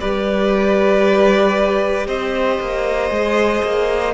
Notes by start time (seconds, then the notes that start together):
0.00 G3 G4 B4 D5
2.07 C4 C5 D#5
2.61 A#3
3.10 G#3 G#4
3.63 A#3